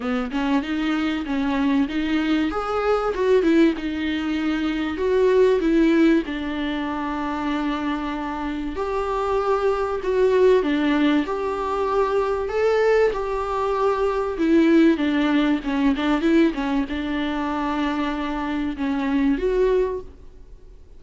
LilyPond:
\new Staff \with { instrumentName = "viola" } { \time 4/4 \tempo 4 = 96 b8 cis'8 dis'4 cis'4 dis'4 | gis'4 fis'8 e'8 dis'2 | fis'4 e'4 d'2~ | d'2 g'2 |
fis'4 d'4 g'2 | a'4 g'2 e'4 | d'4 cis'8 d'8 e'8 cis'8 d'4~ | d'2 cis'4 fis'4 | }